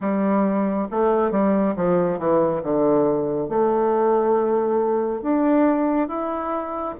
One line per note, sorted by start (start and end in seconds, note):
0.00 0.87 G3
0.90 1.31 A3
1.31 1.74 G3
1.76 2.18 F3
2.18 2.62 E3
2.62 3.49 D3
3.49 5.22 A3
5.22 6.08 D4
6.08 6.94 E4